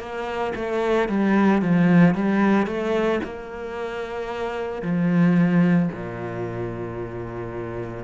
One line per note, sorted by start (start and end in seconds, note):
0.00 0.54 A#3
0.55 1.09 A3
1.09 1.62 G3
1.62 2.15 F3
2.15 2.67 G3
2.67 3.20 A3
3.24 4.83 A#3
4.83 5.90 F3
5.92 8.05 A#2